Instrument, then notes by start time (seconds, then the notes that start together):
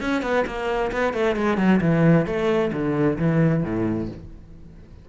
cello
0.00 C#4
0.22 B3
0.46 A#3
0.91 B3
1.13 A3
1.36 G#3
1.57 F#3
1.81 E3
2.26 A3
2.72 D3
3.18 E3
3.63 A2